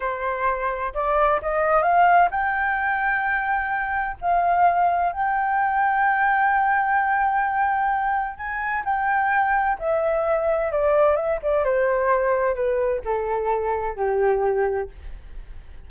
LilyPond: \new Staff \with { instrumentName = "flute" } { \time 4/4 \tempo 4 = 129 c''2 d''4 dis''4 | f''4 g''2.~ | g''4 f''2 g''4~ | g''1~ |
g''2 gis''4 g''4~ | g''4 e''2 d''4 | e''8 d''8 c''2 b'4 | a'2 g'2 | }